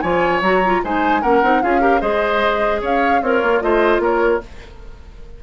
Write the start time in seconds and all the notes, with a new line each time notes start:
0.00 F3 F4 C#5 G#5
0.41 F#3 F#4 A#5
0.65 F4
0.84 G#3 D#4 C5 G#5
1.22 A#3 C#4 A#4 F#5
1.43 C4 D#4
1.62 C#4 F4 G#4 F5
1.81 G4 A#4
2.01 G#3 G#4 C5 D#5
2.81 C#4 C#5 F5
3.22 C4 F4 A#4 C#5
3.42 A#3
3.61 A3 F4 C5 D#5
3.99 A#3 A#4 C#5